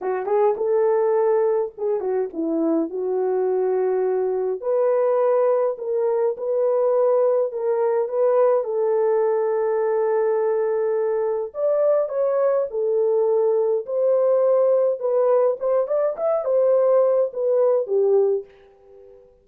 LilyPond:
\new Staff \with { instrumentName = "horn" } { \time 4/4 \tempo 4 = 104 fis'8 gis'8 a'2 gis'8 fis'8 | e'4 fis'2. | b'2 ais'4 b'4~ | b'4 ais'4 b'4 a'4~ |
a'1 | d''4 cis''4 a'2 | c''2 b'4 c''8 d''8 | e''8 c''4. b'4 g'4 | }